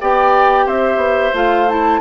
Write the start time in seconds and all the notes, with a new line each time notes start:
0.00 B3 G4 D5 G5
0.66 C4 C5 E5
0.96 B3
1.33 A3 F4 F5
1.68 E4 A5